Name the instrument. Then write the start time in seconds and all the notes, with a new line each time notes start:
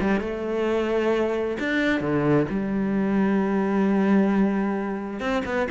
cello
0.00 G3
0.20 A3
1.59 D4
2.00 D3
2.50 G3
5.19 C4
5.45 B3